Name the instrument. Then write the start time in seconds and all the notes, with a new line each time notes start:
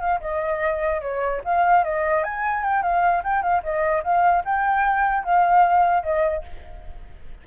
flute
0.00 F5
0.21 D#5
1.02 C#5
1.45 F5
1.84 D#5
2.24 G#5
2.64 G5
2.83 F5
3.24 G5
3.42 F5
3.63 D#5
4.04 F5
4.45 G5
5.24 F5
6.03 D#5